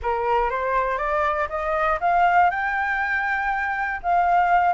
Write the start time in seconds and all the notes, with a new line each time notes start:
0.02 A#4
0.50 C5
0.97 D5
1.49 D#5
2.00 F5
2.50 G5
4.02 F5